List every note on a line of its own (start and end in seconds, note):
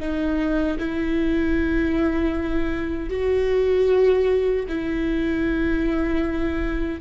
0.00 0.78 D#4
0.79 3.10 E4
3.10 4.66 F#4
4.69 7.01 E4